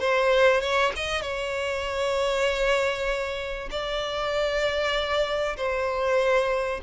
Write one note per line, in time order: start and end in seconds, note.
0.00 0.61 C5
0.61 0.92 C#5
0.97 1.22 D#5
1.22 3.69 C#5
3.71 5.57 D5
5.57 6.81 C5